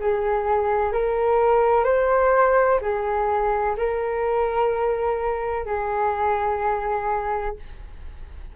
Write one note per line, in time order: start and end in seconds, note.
0.00 0.93 G#4
0.93 1.84 A#4
1.84 2.80 C5
2.81 3.76 G#4
3.77 5.66 A#4
5.66 7.56 G#4